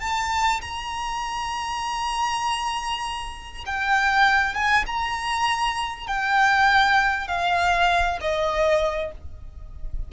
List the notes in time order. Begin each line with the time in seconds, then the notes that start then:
0.00 A5
0.61 A#5
3.66 G5
4.54 G#5
4.87 A#5
6.07 G5
7.28 F5
8.20 D#5